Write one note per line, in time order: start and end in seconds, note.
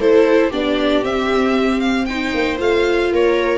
0.00 0.52 A3
0.00 0.52 E4
0.00 0.50 A4
0.00 0.52 C5
0.50 1.03 B3
0.50 1.04 D4
0.50 2.05 G4
0.50 1.05 D5
1.03 2.33 C4
1.03 2.07 C4
1.03 1.81 E5
1.81 2.06 F5
2.06 2.58 D#4
2.06 3.13 C5
2.06 2.58 G5
2.34 2.60 A#3
2.58 3.12 A3
2.58 3.59 F4
2.58 3.13 F5
3.12 3.59 A#3
3.12 3.59 A#4
3.12 3.59 C#5